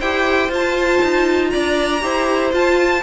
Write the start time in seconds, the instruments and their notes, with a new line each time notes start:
0.00 cello E4, viola G4, violin C5 G5
0.49 cello F4, viola F4, violin A5
1.04 cello D#4
1.50 cello D4, violin D5 A#5
2.01 cello E4, viola G4, violin C5
2.53 viola F4, cello F4, violin A5